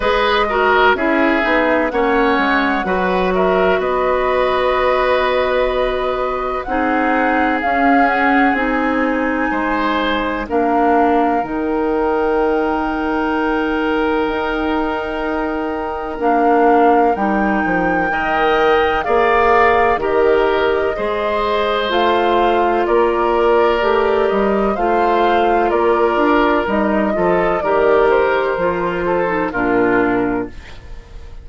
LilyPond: <<
  \new Staff \with { instrumentName = "flute" } { \time 4/4 \tempo 4 = 63 dis''4 e''4 fis''4. e''8 | dis''2. fis''4 | f''8 fis''8 gis''2 f''4 | g''1~ |
g''4 f''4 g''2 | f''4 dis''2 f''4 | d''4. dis''8 f''4 d''4 | dis''4 d''8 c''4. ais'4 | }
  \new Staff \with { instrumentName = "oboe" } { \time 4/4 b'8 ais'8 gis'4 cis''4 b'8 ais'8 | b'2. gis'4~ | gis'2 c''4 ais'4~ | ais'1~ |
ais'2. dis''4 | d''4 ais'4 c''2 | ais'2 c''4 ais'4~ | ais'8 a'8 ais'4. a'8 f'4 | }
  \new Staff \with { instrumentName = "clarinet" } { \time 4/4 gis'8 fis'8 e'8 dis'8 cis'4 fis'4~ | fis'2. dis'4 | cis'4 dis'2 d'4 | dis'1~ |
dis'4 d'4 dis'4 ais'4 | gis'4 g'4 gis'4 f'4~ | f'4 g'4 f'2 | dis'8 f'8 g'4 f'8. dis'16 d'4 | }
  \new Staff \with { instrumentName = "bassoon" } { \time 4/4 gis4 cis'8 b8 ais8 gis8 fis4 | b2. c'4 | cis'4 c'4 gis4 ais4 | dis2. dis'4~ |
dis'4 ais4 g8 f8 dis4 | ais4 dis4 gis4 a4 | ais4 a8 g8 a4 ais8 d'8 | g8 f8 dis4 f4 ais,4 | }
>>